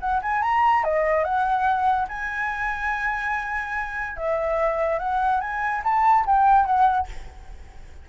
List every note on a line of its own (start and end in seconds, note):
0.00 0.21 F#5
0.22 0.42 G#5
0.42 0.84 A#5
0.84 1.24 D#5
1.24 2.07 F#5
2.08 4.16 G#5
4.16 4.99 E5
4.99 5.40 F#5
5.40 5.82 G#5
5.83 6.25 A5
6.25 6.65 G5
6.65 7.07 F#5